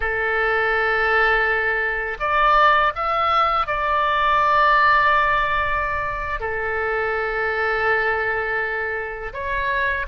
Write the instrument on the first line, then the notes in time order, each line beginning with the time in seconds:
oboe
0.00 A4
2.19 D5
2.95 E5
3.66 D5
6.40 A4
9.33 C#5